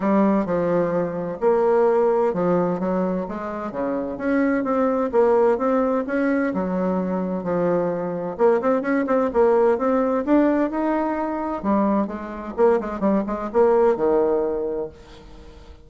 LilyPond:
\new Staff \with { instrumentName = "bassoon" } { \time 4/4 \tempo 4 = 129 g4 f2 ais4~ | ais4 f4 fis4 gis4 | cis4 cis'4 c'4 ais4 | c'4 cis'4 fis2 |
f2 ais8 c'8 cis'8 c'8 | ais4 c'4 d'4 dis'4~ | dis'4 g4 gis4 ais8 gis8 | g8 gis8 ais4 dis2 | }